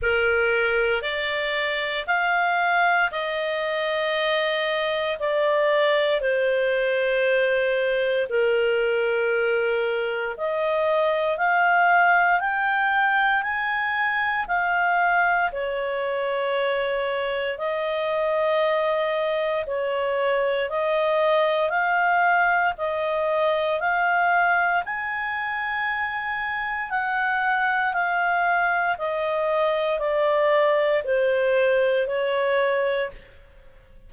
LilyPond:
\new Staff \with { instrumentName = "clarinet" } { \time 4/4 \tempo 4 = 58 ais'4 d''4 f''4 dis''4~ | dis''4 d''4 c''2 | ais'2 dis''4 f''4 | g''4 gis''4 f''4 cis''4~ |
cis''4 dis''2 cis''4 | dis''4 f''4 dis''4 f''4 | gis''2 fis''4 f''4 | dis''4 d''4 c''4 cis''4 | }